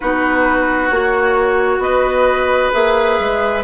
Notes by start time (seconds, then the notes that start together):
0.00 B3 D#4 F#4 B4
0.88 A#3 F#4 C#5
1.78 B3 B4 D#5
2.72 A#3 G#4 E5
3.19 G#3